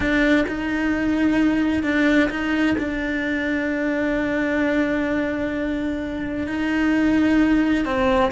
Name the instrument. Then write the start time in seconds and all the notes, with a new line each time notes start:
cello
0.00 D4
0.48 D#4
1.83 D4
2.30 D#4
2.78 D4
6.47 D#4
7.85 C4